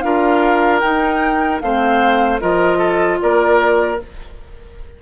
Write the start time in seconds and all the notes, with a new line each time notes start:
0.00 D4 F4 A#4 F5
0.80 D#4 G5
1.60 A3 C4 C5 F5
2.39 F3 F4 A#4 D#5
2.77 A4
3.20 A#3 A#4 D5